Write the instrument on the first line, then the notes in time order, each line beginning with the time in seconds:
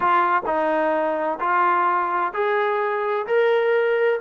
trombone
0.00 F4
0.45 D#4
1.40 F4
2.33 G#4
3.26 A#4